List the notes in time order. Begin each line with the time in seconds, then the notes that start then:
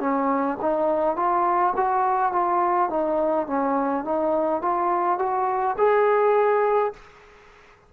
0.00 C#4
0.61 D#4
1.16 F4
1.76 F#4
2.32 F4
2.90 D#4
3.47 C#4
4.05 D#4
4.62 F4
5.19 F#4
5.78 G#4